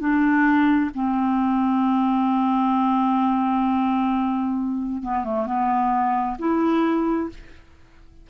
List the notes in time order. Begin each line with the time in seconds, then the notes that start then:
0.00 D4
0.95 C4
5.03 B3
5.24 A3
5.47 B3
6.39 E4